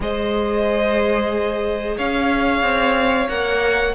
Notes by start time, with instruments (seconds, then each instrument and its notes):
0.00 cello G#3, viola G#4, violin C5 D#5
1.97 cello C#4, violin C#5 F5
2.62 cello C4
3.28 cello A#3, viola A#4, violin F#5